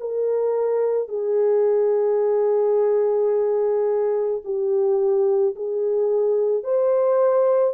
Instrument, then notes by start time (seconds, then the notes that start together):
horn
0.00 A#4
1.09 G#4
4.44 G4
5.56 G#4
6.64 C5